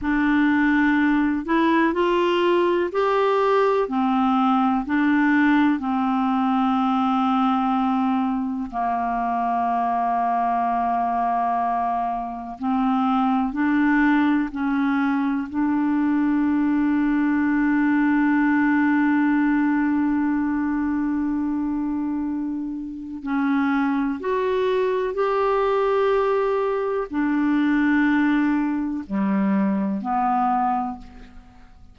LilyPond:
\new Staff \with { instrumentName = "clarinet" } { \time 4/4 \tempo 4 = 62 d'4. e'8 f'4 g'4 | c'4 d'4 c'2~ | c'4 ais2.~ | ais4 c'4 d'4 cis'4 |
d'1~ | d'1 | cis'4 fis'4 g'2 | d'2 g4 b4 | }